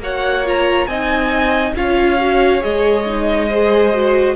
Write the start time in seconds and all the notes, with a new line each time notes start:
0.00 A#3 F#4 C#5 F#5
0.45 F4 A#5
0.87 C4 D#4 D#5 G#5
1.76 C#4 F4 C#5 F5
2.19 F#4
2.61 G#3 G#4 D#5
3.06 D#4
3.49 G#4 C5
3.93 F#4